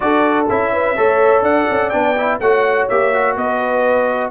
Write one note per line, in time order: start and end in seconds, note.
0.00 0.49 D4
0.00 0.46 F#4
0.00 0.72 A4
0.00 0.46 D5
0.49 0.98 C#4
0.49 0.96 E4
0.49 1.43 E5
0.72 0.96 B4
0.96 1.41 A3
0.96 1.92 A4
0.96 1.43 C#5
1.41 1.65 D4
1.41 2.39 D5
1.41 1.89 F#5
1.70 1.93 C#4
1.89 2.40 B3
1.89 2.16 D4
1.89 2.37 G5
2.16 2.40 E4
2.40 2.88 A3
2.40 2.90 F#4
2.40 3.36 C#5
2.40 2.88 F#5
2.89 3.36 A#3
2.89 3.13 G4
2.89 3.37 E5
3.13 4.30 F#4
3.36 4.30 B3
3.36 4.30 B4
3.36 4.30 D#5